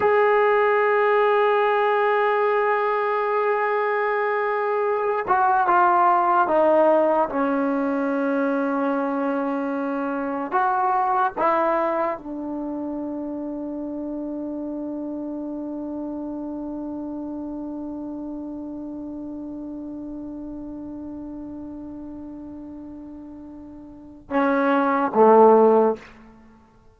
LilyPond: \new Staff \with { instrumentName = "trombone" } { \time 4/4 \tempo 4 = 74 gis'1~ | gis'2~ gis'8 fis'8 f'4 | dis'4 cis'2.~ | cis'4 fis'4 e'4 d'4~ |
d'1~ | d'1~ | d'1~ | d'2 cis'4 a4 | }